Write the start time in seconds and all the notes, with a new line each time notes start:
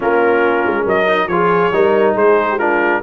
0.00 A#3 C#4 F4 A#4
0.66 G#3
0.83 F#3 A#4 D#5
1.06 D#4
1.27 F3 F4 G#4 C#5
1.72 G3 D#4 A#4
2.14 G#3 G#4 C5
2.50 G4
2.58 D4 F4 A#4